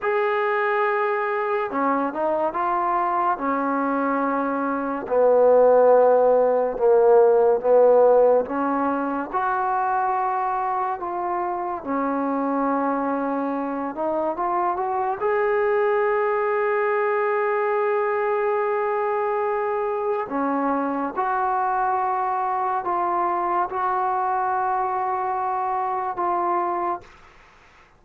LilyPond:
\new Staff \with { instrumentName = "trombone" } { \time 4/4 \tempo 4 = 71 gis'2 cis'8 dis'8 f'4 | cis'2 b2 | ais4 b4 cis'4 fis'4~ | fis'4 f'4 cis'2~ |
cis'8 dis'8 f'8 fis'8 gis'2~ | gis'1 | cis'4 fis'2 f'4 | fis'2. f'4 | }